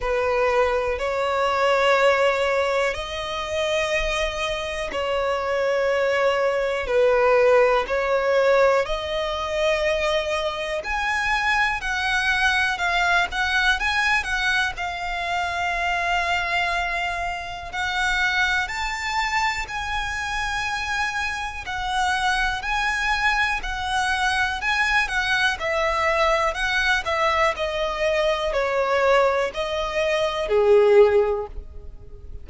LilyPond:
\new Staff \with { instrumentName = "violin" } { \time 4/4 \tempo 4 = 61 b'4 cis''2 dis''4~ | dis''4 cis''2 b'4 | cis''4 dis''2 gis''4 | fis''4 f''8 fis''8 gis''8 fis''8 f''4~ |
f''2 fis''4 a''4 | gis''2 fis''4 gis''4 | fis''4 gis''8 fis''8 e''4 fis''8 e''8 | dis''4 cis''4 dis''4 gis'4 | }